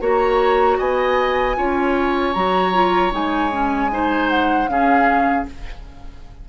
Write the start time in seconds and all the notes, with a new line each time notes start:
0.00 A#3 F#4 C#5 A#5
0.78 B3 D#5 G#5
1.56 C#4 F4 C#5
2.33 F#3 F#4 A#5
2.73 F4
3.11 G#3 D#4 G#5
3.51 C#4
3.90 D#4 C5
4.29 F#5
4.66 C#3 C#4 G#4 F5